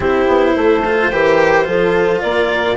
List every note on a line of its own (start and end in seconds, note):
0.00 0.26 C4
0.00 0.83 E4
0.00 0.55 G4
0.00 2.21 C5
0.27 0.54 B3
0.55 1.11 A3
0.55 1.11 A4
0.84 1.11 F4
1.11 1.67 E3
1.11 1.64 G4
1.11 1.66 A#4
1.64 2.22 F3
1.64 2.75 F4
1.64 2.22 A4
2.21 2.76 A#3
2.21 2.76 A#4
2.21 2.76 D5